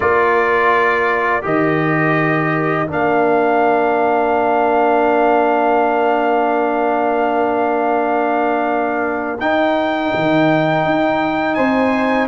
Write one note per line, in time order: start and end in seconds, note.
0.00 1.44 A#3
0.00 1.42 F4
0.00 11.56 A#4
0.00 1.44 D5
1.42 2.89 D#3
1.42 2.86 G4
1.42 2.90 D#5
2.87 9.40 A#3
2.87 9.37 D4
2.87 9.40 F5
9.40 10.12 D#4
9.40 12.27 D#4
9.40 11.54 G5
10.14 10.84 D#3
10.84 11.57 D#4
11.54 12.27 C4
11.54 12.27 C5
11.54 12.26 G#5